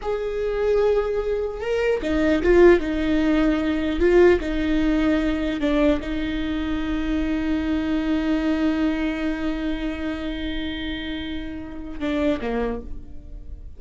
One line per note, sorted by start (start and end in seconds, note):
0.01 1.61 G#4
1.61 2.01 A#4
2.02 2.42 D#4
2.43 2.79 F4
2.79 3.99 D#4
3.99 4.39 F4
4.40 5.60 D#4
5.60 6.00 D4
6.00 12.00 D#4
12.00 12.40 D4
12.40 12.80 A#3